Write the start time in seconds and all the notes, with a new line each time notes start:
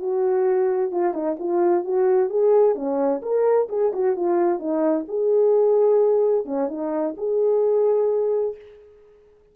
0.00 F#4
0.91 F4
1.14 D#4
1.40 F4
1.85 F#4
2.30 G#4
2.76 C#4
3.22 A#4
3.69 G#4
3.93 F#4
4.16 F4
4.60 D#4
5.09 G#4
6.46 C#4
6.69 D#4
7.18 G#4